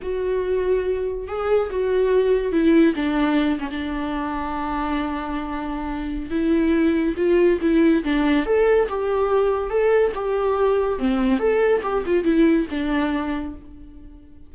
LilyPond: \new Staff \with { instrumentName = "viola" } { \time 4/4 \tempo 4 = 142 fis'2. gis'4 | fis'2 e'4 d'4~ | d'8 cis'16 d'2.~ d'16~ | d'2. e'4~ |
e'4 f'4 e'4 d'4 | a'4 g'2 a'4 | g'2 c'4 a'4 | g'8 f'8 e'4 d'2 | }